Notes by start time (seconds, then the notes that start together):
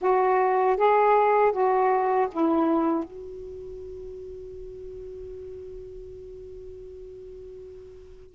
0.01 F#4
0.76 G#4
1.52 F#4
2.31 E4
3.04 F#4